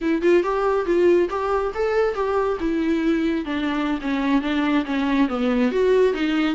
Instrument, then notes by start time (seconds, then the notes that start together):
viola
0.01 E4
0.22 F4
0.43 G4
0.85 F4
1.29 G4
1.74 A4
2.14 G4
2.60 E4
3.45 D4
4.01 C#4
4.41 D4
4.85 C#4
5.28 B3
5.71 F#4
6.13 D#4